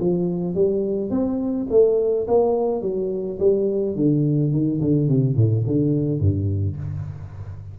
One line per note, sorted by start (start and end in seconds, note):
0.00 0.55 F3
0.55 1.10 G3
1.10 1.67 C4
1.70 2.27 A3
2.28 2.82 A#3
2.82 3.38 F#3
3.39 3.95 G3
3.95 4.52 D3
4.52 4.80 D#3
4.81 5.08 D3
5.08 5.36 C3
5.36 5.64 A2
5.67 6.20 D3
6.20 6.77 G2